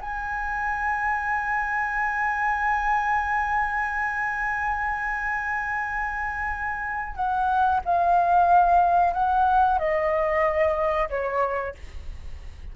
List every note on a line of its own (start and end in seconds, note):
0.00 7.15 G#5
7.15 7.80 F#5
7.85 9.13 F5
9.13 9.78 F#5
9.78 11.08 D#5
11.09 11.74 C#5